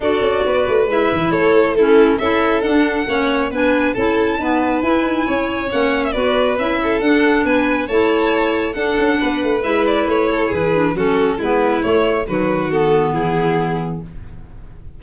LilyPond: <<
  \new Staff \with { instrumentName = "violin" } { \time 4/4 \tempo 4 = 137 d''2 e''4 cis''4 | a'4 e''4 fis''2 | gis''4 a''2 gis''4~ | gis''4 fis''8. e''16 d''4 e''4 |
fis''4 gis''4 a''2 | fis''2 e''8 d''8 cis''4 | b'4 a'4 b'4 cis''4 | b'4 a'4 gis'2 | }
  \new Staff \with { instrumentName = "violin" } { \time 4/4 a'4 b'2 a'4 | e'4 a'2 cis''4 | b'4 a'4 b'2 | cis''2 b'4. a'8~ |
a'4 b'4 cis''2 | a'4 b'2~ b'8 a'8 | gis'4 fis'4 e'2 | fis'2 e'2 | }
  \new Staff \with { instrumentName = "clarinet" } { \time 4/4 fis'2 e'2 | cis'4 e'4 d'4 cis'4 | d'4 e'4 b4 e'4~ | e'4 cis'4 fis'4 e'4 |
d'2 e'2 | d'2 e'2~ | e'8 d'8 cis'4 b4 a4 | fis4 b2. | }
  \new Staff \with { instrumentName = "tuba" } { \time 4/4 d'8 cis'8 b8 a8 gis8 e8 a4~ | a4 cis'4 d'4 ais4 | b4 cis'4 dis'4 e'8 dis'8 | cis'4 ais4 b4 cis'4 |
d'4 b4 a2 | d'8 cis'8 b8 a8 gis4 a4 | e4 fis4 gis4 a4 | dis2 e2 | }
>>